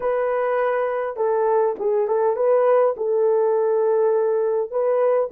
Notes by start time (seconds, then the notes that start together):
0.00 B4
1.16 A4
1.79 G#4
2.07 A4
2.35 B4
2.97 A4
4.70 B4